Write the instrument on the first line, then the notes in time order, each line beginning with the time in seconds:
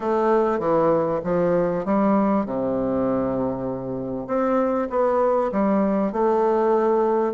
bassoon
0.00 A3
0.59 E3
1.24 F3
1.85 G3
2.45 C3
4.27 C4
4.90 B3
5.52 G3
6.12 A3